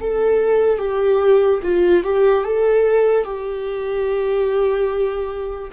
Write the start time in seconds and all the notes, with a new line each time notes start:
0.00 A4
0.78 G4
1.62 F4
2.03 G4
2.44 A4
3.24 G4